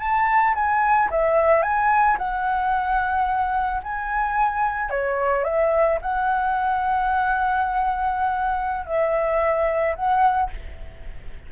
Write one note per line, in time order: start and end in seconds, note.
0.00 0.55 A5
0.55 1.10 G#5
1.11 1.63 E5
1.63 2.17 G#5
2.18 3.82 F#5
3.84 4.90 G#5
4.90 5.44 C#5
5.44 5.99 E5
6.02 8.87 F#5
8.87 9.96 E5
9.96 10.50 F#5